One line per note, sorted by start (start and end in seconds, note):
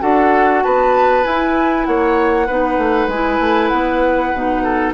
0.00 0.64 D4
0.00 1.23 F#4
0.00 0.63 A4
0.00 0.63 F#5
0.63 1.26 B3
0.63 1.87 B4
0.63 1.24 A5
1.23 2.47 E4
1.23 1.87 E4
1.23 1.85 G#5
1.85 2.49 A#3
1.85 2.47 C#5
1.85 3.09 F#5
2.47 2.78 B3
2.47 3.11 D#4
2.47 4.63 B4
2.78 3.08 A3
3.08 3.39 G#3
3.08 4.35 E4
3.08 3.68 G#5
3.40 3.71 A3
3.68 4.34 B3
3.68 4.92 F#5
4.34 4.94 B2
4.34 4.94 D#4
4.64 4.94 A4